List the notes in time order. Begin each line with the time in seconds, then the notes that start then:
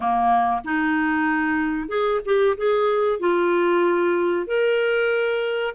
0.00 A#3
0.64 D#4
1.88 G#4
2.25 G4
2.57 G#4
3.19 F4
4.47 A#4